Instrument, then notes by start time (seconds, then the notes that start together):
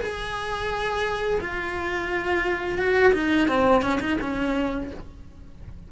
cello
0.00 G#4
1.40 F4
2.78 F#4
3.13 D#4
3.48 C4
3.82 C#4
4.00 D#4
4.21 C#4